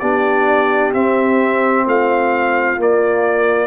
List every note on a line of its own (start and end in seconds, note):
0.00 0.94 B3
0.00 0.94 D4
0.00 1.86 G4
0.00 0.92 D5
0.94 2.78 C4
0.94 1.86 C4
0.94 1.87 E5
1.86 2.77 A3
1.86 3.68 F4
1.86 2.81 F5
2.77 3.68 A#3
2.77 3.68 D5